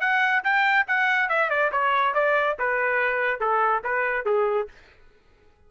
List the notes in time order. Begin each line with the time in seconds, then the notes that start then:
0.00 F#5
0.44 G5
0.87 F#5
1.29 E5
1.50 D5
1.72 C#5
2.14 D5
2.59 B4
3.40 A4
3.84 B4
4.25 G#4